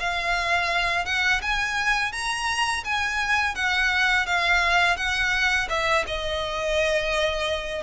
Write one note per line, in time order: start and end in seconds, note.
0.00 1.06 F5
1.06 1.41 F#5
1.42 2.12 G#5
2.12 2.84 A#5
2.84 3.55 G#5
3.55 4.26 F#5
4.26 4.97 F5
4.97 5.68 F#5
5.69 6.05 E5
6.07 7.83 D#5